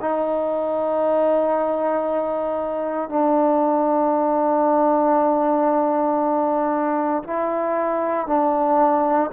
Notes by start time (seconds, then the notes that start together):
0.00 D#4
3.09 D4
7.24 E4
8.27 D4